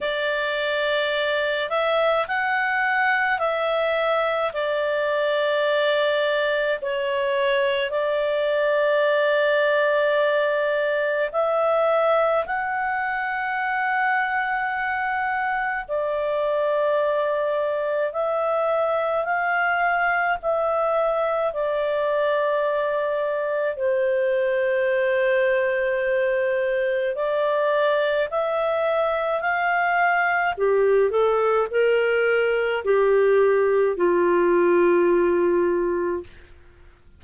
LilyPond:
\new Staff \with { instrumentName = "clarinet" } { \time 4/4 \tempo 4 = 53 d''4. e''8 fis''4 e''4 | d''2 cis''4 d''4~ | d''2 e''4 fis''4~ | fis''2 d''2 |
e''4 f''4 e''4 d''4~ | d''4 c''2. | d''4 e''4 f''4 g'8 a'8 | ais'4 g'4 f'2 | }